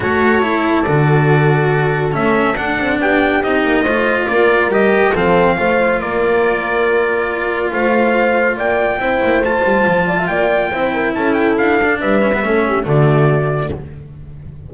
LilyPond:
<<
  \new Staff \with { instrumentName = "trumpet" } { \time 4/4 \tempo 4 = 140 cis''2 d''2~ | d''4 e''4 fis''4 g''4 | dis''2 d''4 dis''4 | f''2 d''2~ |
d''2 f''2 | g''2 a''2 | g''2 a''8 g''8 f''4 | e''2 d''2 | }
  \new Staff \with { instrumentName = "horn" } { \time 4/4 a'1~ | a'2. g'4~ | g'4 c''4 ais'2 | a'4 c''4 ais'2~ |
ais'2 c''2 | d''4 c''2~ c''8 d''16 e''16 | d''4 c''8 ais'8 a'2 | b'4 a'8 g'8 fis'2 | }
  \new Staff \with { instrumentName = "cello" } { \time 4/4 fis'4 e'4 fis'2~ | fis'4 cis'4 d'2 | dis'4 f'2 g'4 | c'4 f'2.~ |
f'1~ | f'4 e'4 f'2~ | f'4 e'2~ e'8 d'8~ | d'8 cis'16 b16 cis'4 a2 | }
  \new Staff \with { instrumentName = "double bass" } { \time 4/4 a2 d2~ | d4 a4 d'8 c'8 b4 | c'8 ais8 a4 ais4 g4 | f4 a4 ais2~ |
ais2 a2 | ais4 c'8 ais8 a8 g8 f4 | ais4 c'4 cis'4 d'4 | g4 a4 d2 | }
>>